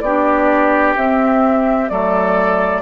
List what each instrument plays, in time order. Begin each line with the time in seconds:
0.00 bassoon B3, clarinet D4, oboe G4, flute D5
0.96 bassoon C4, clarinet C4, flute E5
1.88 bassoon F#3, clarinet A3, oboe A4, flute D5